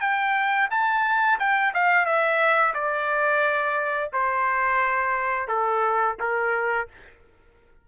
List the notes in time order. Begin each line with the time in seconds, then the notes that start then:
0.00 G5
0.70 A5
1.39 G5
1.74 F5
2.05 E5
2.74 D5
4.12 C5
5.48 A4
6.20 A#4